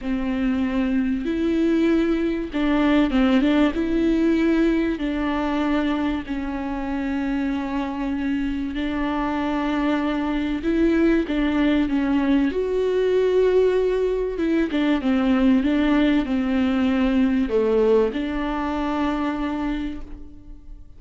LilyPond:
\new Staff \with { instrumentName = "viola" } { \time 4/4 \tempo 4 = 96 c'2 e'2 | d'4 c'8 d'8 e'2 | d'2 cis'2~ | cis'2 d'2~ |
d'4 e'4 d'4 cis'4 | fis'2. e'8 d'8 | c'4 d'4 c'2 | a4 d'2. | }